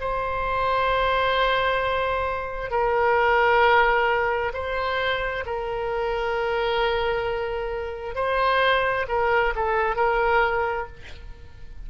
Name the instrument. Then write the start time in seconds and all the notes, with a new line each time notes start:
oboe
0.00 C5
2.70 A#4
4.53 C5
5.45 A#4
8.15 C5
9.08 A#4
9.55 A4
9.95 A#4